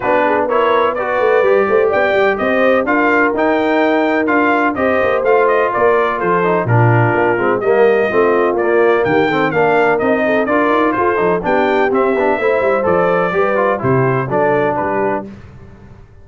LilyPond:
<<
  \new Staff \with { instrumentName = "trumpet" } { \time 4/4 \tempo 4 = 126 b'4 cis''4 d''2 | g''4 dis''4 f''4 g''4~ | g''4 f''4 dis''4 f''8 dis''8 | d''4 c''4 ais'2 |
dis''2 d''4 g''4 | f''4 dis''4 d''4 c''4 | g''4 e''2 d''4~ | d''4 c''4 d''4 b'4 | }
  \new Staff \with { instrumentName = "horn" } { \time 4/4 fis'8 gis'8 ais'4 b'4. c''8 | d''4 c''4 ais'2~ | ais'2 c''2 | ais'4 a'4 f'2 |
ais'4 f'2 g'8 a'8 | ais'4. a'8 ais'4 a'4 | g'2 c''2 | b'4 g'4 a'4 g'4 | }
  \new Staff \with { instrumentName = "trombone" } { \time 4/4 d'4 e'4 fis'4 g'4~ | g'2 f'4 dis'4~ | dis'4 f'4 g'4 f'4~ | f'4. dis'8 d'4. c'8 |
ais4 c'4 ais4. c'8 | d'4 dis'4 f'4. dis'8 | d'4 c'8 d'8 e'4 a'4 | g'8 f'8 e'4 d'2 | }
  \new Staff \with { instrumentName = "tuba" } { \time 4/4 b2~ b8 a8 g8 a8 | b8 g8 c'4 d'4 dis'4~ | dis'4 d'4 c'8 ais8 a4 | ais4 f4 ais,4 ais8 gis8 |
g4 a4 ais4 dis4 | ais4 c'4 d'8 dis'8 f'8 f8 | b4 c'8 b8 a8 g8 f4 | g4 c4 fis4 g4 | }
>>